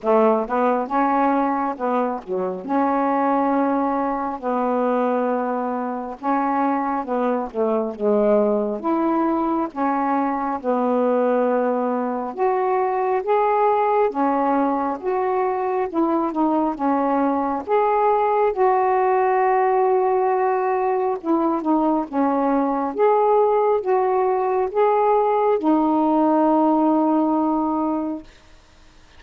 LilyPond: \new Staff \with { instrumentName = "saxophone" } { \time 4/4 \tempo 4 = 68 a8 b8 cis'4 b8 fis8 cis'4~ | cis'4 b2 cis'4 | b8 a8 gis4 e'4 cis'4 | b2 fis'4 gis'4 |
cis'4 fis'4 e'8 dis'8 cis'4 | gis'4 fis'2. | e'8 dis'8 cis'4 gis'4 fis'4 | gis'4 dis'2. | }